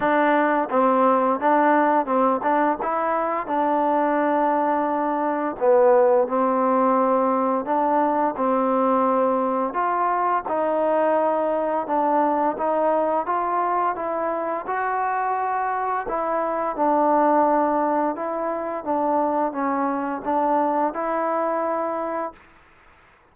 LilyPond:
\new Staff \with { instrumentName = "trombone" } { \time 4/4 \tempo 4 = 86 d'4 c'4 d'4 c'8 d'8 | e'4 d'2. | b4 c'2 d'4 | c'2 f'4 dis'4~ |
dis'4 d'4 dis'4 f'4 | e'4 fis'2 e'4 | d'2 e'4 d'4 | cis'4 d'4 e'2 | }